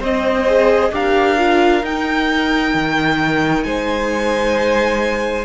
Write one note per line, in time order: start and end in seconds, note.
0.00 0.91 C4
0.00 0.47 C4
0.00 0.91 C5
0.00 0.95 D#5
0.47 0.92 G#4
0.92 1.83 D4
0.92 1.38 G4
0.92 3.65 A#4
0.92 1.85 F5
1.38 1.83 F4
1.83 2.74 D#4
1.83 5.45 D#4
1.83 3.63 G5
2.74 3.65 D#3
3.63 5.45 G#3
3.63 5.45 C5
3.63 5.45 G#5